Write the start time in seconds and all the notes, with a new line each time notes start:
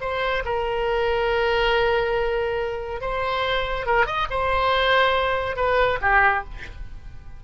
0.00 C5
0.45 A#4
3.01 C5
3.86 A#4
4.06 D#5
4.30 C5
5.56 B4
6.01 G4